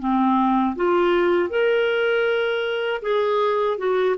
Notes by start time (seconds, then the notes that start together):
0.00 C4
0.76 F4
1.50 A#4
3.02 G#4
3.78 F#4